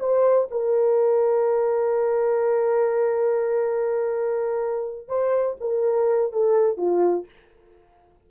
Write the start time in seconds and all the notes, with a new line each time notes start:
0.00 C5
0.51 A#4
5.08 C5
5.61 A#4
6.32 A4
6.77 F4